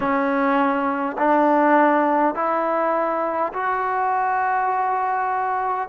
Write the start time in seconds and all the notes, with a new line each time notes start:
0.00 C#4
1.18 D4
2.34 E4
3.53 F#4